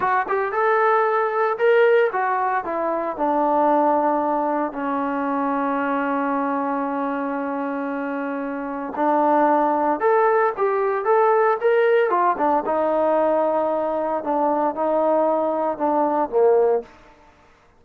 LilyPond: \new Staff \with { instrumentName = "trombone" } { \time 4/4 \tempo 4 = 114 fis'8 g'8 a'2 ais'4 | fis'4 e'4 d'2~ | d'4 cis'2.~ | cis'1~ |
cis'4 d'2 a'4 | g'4 a'4 ais'4 f'8 d'8 | dis'2. d'4 | dis'2 d'4 ais4 | }